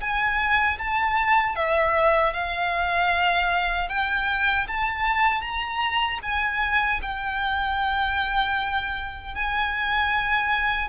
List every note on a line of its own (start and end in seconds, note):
0.00 0.78 G#5
0.78 1.55 A5
1.55 2.33 E5
2.33 3.89 F5
3.89 4.67 G5
4.68 5.41 A5
5.41 6.19 A#5
6.22 7.00 G#5
7.02 9.35 G5
9.35 10.88 G#5